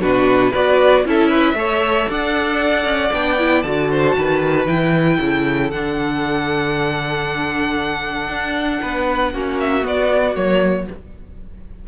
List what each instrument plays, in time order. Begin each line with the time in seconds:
0.00 cello B2, viola D4, violin F#4 B4
0.51 cello B3, viola F#4, violin B4 D5
1.05 cello C#4, viola E4, violin A4 E5
1.29 violin B4
1.54 cello A3, viola A4, violin C#5
2.09 cello D4, violin D5 F#5
2.84 cello C#4
3.12 cello B3, viola D4, violin G5
3.38 viola E4
3.62 cello D3, viola F#4, violin A5
3.90 violin C5
4.16 cello D#3, violin B4
4.66 cello E3, viola E4, violin G5
5.20 cello C#3, violin A4
5.70 cello D3, viola D4, violin F#5
8.28 cello D4
8.82 cello B3, violin B4
9.33 cello A#3, viola C#4, violin F#4
9.60 violin E5
9.82 viola B3, cello B3, violin D5
10.35 cello F#3, viola A#3, violin C#5